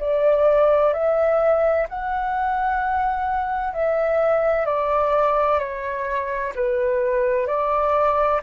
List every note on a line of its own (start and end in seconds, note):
0.00 0.94 D5
0.94 1.87 E5
1.89 3.74 F#5
3.74 4.66 E5
4.66 5.60 D5
5.60 6.53 C#5
6.56 7.47 B4
7.47 8.41 D5